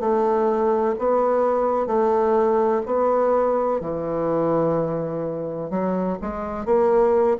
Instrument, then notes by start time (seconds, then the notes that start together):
bassoon
0.00 A3
0.99 B3
1.87 A3
2.86 B3
3.81 E3
5.71 F#3
6.22 G#3
6.66 A#3